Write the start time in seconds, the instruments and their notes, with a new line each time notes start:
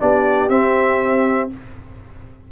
0.00 tuba B3, trombone D4, horn G4, trumpet D5
0.50 tuba C4, trombone C4, trumpet E5